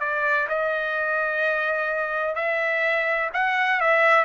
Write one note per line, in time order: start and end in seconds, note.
0.00 0.47 D5
0.49 2.35 D#5
2.35 3.30 E5
3.33 3.80 F#5
3.80 4.24 E5